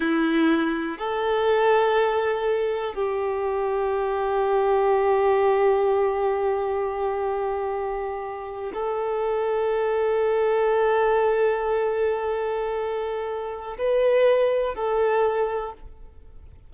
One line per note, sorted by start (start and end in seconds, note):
0.00 0.98 E4
0.98 2.94 A4
2.94 8.72 G4
8.73 13.77 A4
13.78 14.74 B4
14.74 15.73 A4